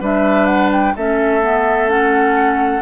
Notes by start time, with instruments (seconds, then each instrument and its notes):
0.00 bassoon G3, clarinet D4, oboe B4, flute E5
0.46 flute F#5
0.72 flute G5
0.96 bassoon A3, clarinet C#4, oboe A4, flute E5
1.41 clarinet B3
1.88 clarinet C#4, flute F#5